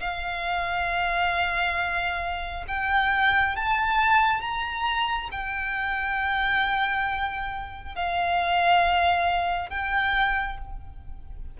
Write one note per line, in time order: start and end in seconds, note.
0.00 2.65 F5
2.68 3.56 G5
3.56 4.42 A5
4.42 5.30 A#5
5.32 7.95 G5
7.95 9.70 F5
9.70 10.58 G5